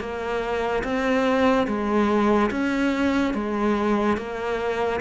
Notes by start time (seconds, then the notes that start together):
0.00 A#3
0.84 C4
1.67 G#3
2.51 C#4
3.34 G#3
4.17 A#3